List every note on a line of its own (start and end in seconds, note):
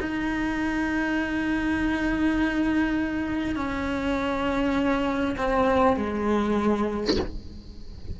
0.00 3.56 D#4
3.56 5.36 C#4
5.37 5.97 C4
5.97 7.17 G#3